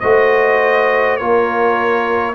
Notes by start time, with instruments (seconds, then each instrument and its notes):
0.00 tuba A3, trombone F#4, horn C5, trumpet D#5
1.16 tuba A#3, trombone F4, horn A#4, trumpet C#5